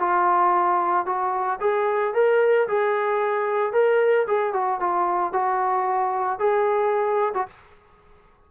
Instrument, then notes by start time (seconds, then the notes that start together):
trombone
0.00 F4
1.06 F#4
1.61 G#4
2.14 A#4
2.68 G#4
3.73 A#4
4.28 G#4
4.54 F#4
4.80 F4
5.33 F#4
6.40 G#4
7.34 F#4